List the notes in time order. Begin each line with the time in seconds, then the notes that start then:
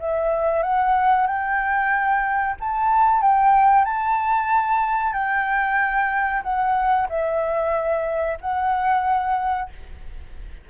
0.00 E5
0.63 F#5
1.28 G5
2.61 A5
3.22 G5
3.85 A5
5.14 G5
6.43 F#5
7.10 E5
8.41 F#5